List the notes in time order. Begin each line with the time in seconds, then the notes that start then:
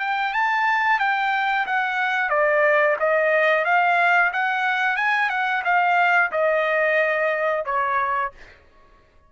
0.00 G5
0.33 A5
0.99 G5
1.67 F#5
2.30 D5
3.00 D#5
3.65 F5
4.33 F#5
4.97 G#5
5.30 F#5
5.65 F5
6.32 D#5
7.65 C#5